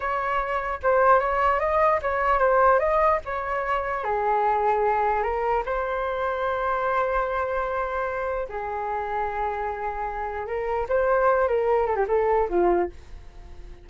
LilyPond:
\new Staff \with { instrumentName = "flute" } { \time 4/4 \tempo 4 = 149 cis''2 c''4 cis''4 | dis''4 cis''4 c''4 dis''4 | cis''2 gis'2~ | gis'4 ais'4 c''2~ |
c''1~ | c''4 gis'2.~ | gis'2 ais'4 c''4~ | c''8 ais'4 a'16 g'16 a'4 f'4 | }